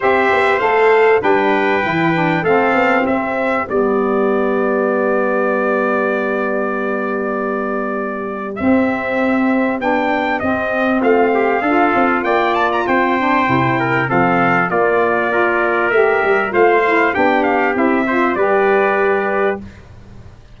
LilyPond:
<<
  \new Staff \with { instrumentName = "trumpet" } { \time 4/4 \tempo 4 = 98 e''4 f''4 g''2 | f''4 e''4 d''2~ | d''1~ | d''2 e''2 |
g''4 dis''4 f''2 | g''8 a''16 ais''16 g''2 f''4 | d''2 e''4 f''4 | g''8 f''8 e''4 d''2 | }
  \new Staff \with { instrumentName = "trumpet" } { \time 4/4 c''2 b'2 | a'4 g'2.~ | g'1~ | g'1~ |
g'2 f'8 g'8 a'4 | d''4 c''4. ais'8 a'4 | f'4 ais'2 c''4 | g'4. c''8 b'2 | }
  \new Staff \with { instrumentName = "saxophone" } { \time 4/4 g'4 a'4 d'4 e'8 d'8 | c'2 b2~ | b1~ | b2 c'2 |
d'4 c'2 f'4~ | f'4. d'8 e'4 c'4 | ais4 f'4 g'4 f'8 e'8 | d'4 e'8 f'8 g'2 | }
  \new Staff \with { instrumentName = "tuba" } { \time 4/4 c'8 b8 a4 g4 e4 | a8 b8 c'4 g2~ | g1~ | g2 c'2 |
b4 c'4 a4 d'8 c'8 | ais4 c'4 c4 f4 | ais2 a8 g8 a4 | b4 c'4 g2 | }
>>